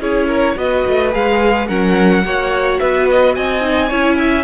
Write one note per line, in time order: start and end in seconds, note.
0.00 0.56 C#4
0.00 0.56 E4
0.00 0.28 G#4
0.00 0.58 C#5
0.28 0.55 A#4
0.56 0.84 B3
0.56 1.11 F#4
0.56 1.67 B4
0.56 1.13 D#5
0.87 1.15 A3
1.11 1.69 G#3
1.11 1.67 G#4
1.11 1.68 F5
1.67 2.24 F#3
1.67 2.24 C#4
1.67 2.23 A#4
1.67 2.79 F#5
2.24 2.79 A#3
2.24 3.61 F#4
2.24 2.80 C#5
2.79 3.37 B3
2.79 3.35 B4
2.79 3.06 E5
3.10 3.35 D#5
3.35 3.91 C4
3.35 3.88 D#5
3.35 4.44 G#5
3.61 3.89 D#4
3.88 4.44 C#4
3.88 4.44 E4
3.88 4.16 C#5
4.18 4.44 E5